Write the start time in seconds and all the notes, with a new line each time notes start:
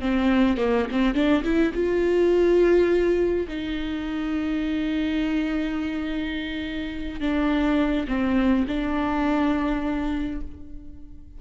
0.00 C4
0.57 A#3
0.91 C4
1.14 D4
1.43 E4
1.74 F4
3.48 D#4
7.20 D4
8.08 C4
8.67 D4